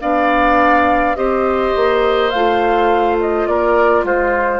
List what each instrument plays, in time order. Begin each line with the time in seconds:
0.00 bassoon B3, clarinet D4, oboe D5, flute F5
1.15 bassoon C4, clarinet G4, oboe C5, flute D#5
1.75 bassoon A#3
2.29 bassoon A3, clarinet F4, flute F5
3.20 flute D#5
3.47 bassoon A#3, oboe A#4, flute D5
4.03 bassoon G#3, oboe F4, flute C5